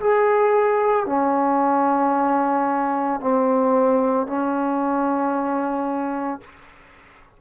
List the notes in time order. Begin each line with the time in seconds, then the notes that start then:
0.00 G#4
1.06 C#4
3.20 C4
4.27 C#4